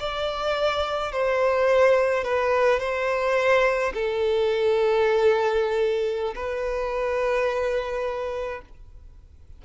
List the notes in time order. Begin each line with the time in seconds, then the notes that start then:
0.00 D5
1.12 C5
2.24 B4
2.80 C5
3.94 A4
6.36 B4